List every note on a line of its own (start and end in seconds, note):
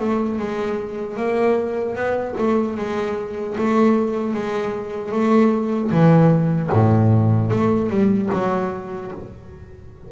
0.00 0.39 A3
0.39 1.17 G#3
1.17 1.95 A#3
1.95 2.35 B3
2.38 2.77 A3
2.77 3.56 G#3
3.58 4.34 A3
4.34 5.12 G#3
5.12 5.91 A3
5.91 6.70 E3
6.72 7.51 A2
7.51 7.90 A3
7.90 8.30 G3
8.33 9.12 F#3